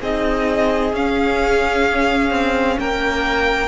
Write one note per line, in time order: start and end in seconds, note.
0.00 0.92 C4
0.00 0.93 D#4
0.00 2.77 G#4
0.00 0.95 D#5
0.92 2.30 C#4
0.92 3.67 C#4
0.92 2.79 F5
2.30 2.76 C4
2.79 3.67 A#3
2.79 3.67 A#4
2.79 3.67 G5